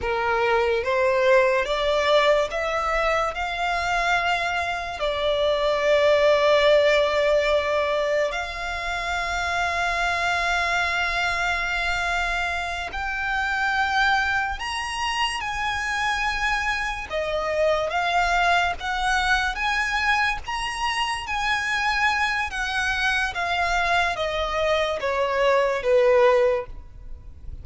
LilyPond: \new Staff \with { instrumentName = "violin" } { \time 4/4 \tempo 4 = 72 ais'4 c''4 d''4 e''4 | f''2 d''2~ | d''2 f''2~ | f''2.~ f''8 g''8~ |
g''4. ais''4 gis''4.~ | gis''8 dis''4 f''4 fis''4 gis''8~ | gis''8 ais''4 gis''4. fis''4 | f''4 dis''4 cis''4 b'4 | }